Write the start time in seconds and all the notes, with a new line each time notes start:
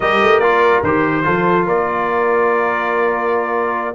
0.00 G3 G4 A#4 D#5
0.21 A3
0.39 A#3 F4 D5
0.82 D#3 G4 C5
1.23 F3 F4 A4
1.66 A#3 A#4 D5